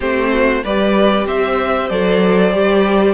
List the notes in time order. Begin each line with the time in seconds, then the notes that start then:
0.00 A3 C4 G4 C5
0.32 F#4
0.63 G3 G4 B4 D5
1.26 C4 C5 E5
1.89 F#3 A4 D5
2.51 G3 G4